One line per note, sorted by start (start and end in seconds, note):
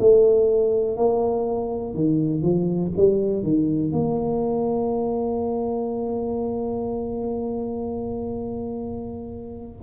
0.00 0.97 A3
0.97 1.94 A#3
1.94 2.43 D#3
2.43 2.92 F3
2.97 3.43 G3
3.43 3.93 D#3
3.93 9.83 A#3